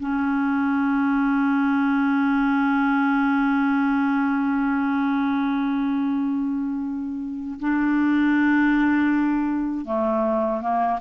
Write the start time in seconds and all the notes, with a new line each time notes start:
0.00 C#4
7.60 D4
9.86 A3
10.62 A#3